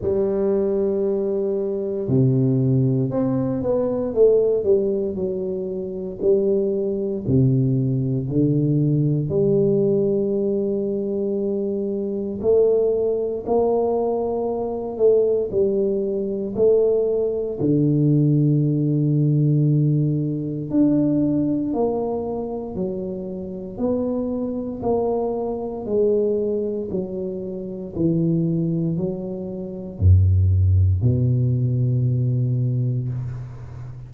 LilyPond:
\new Staff \with { instrumentName = "tuba" } { \time 4/4 \tempo 4 = 58 g2 c4 c'8 b8 | a8 g8 fis4 g4 c4 | d4 g2. | a4 ais4. a8 g4 |
a4 d2. | d'4 ais4 fis4 b4 | ais4 gis4 fis4 e4 | fis4 fis,4 b,2 | }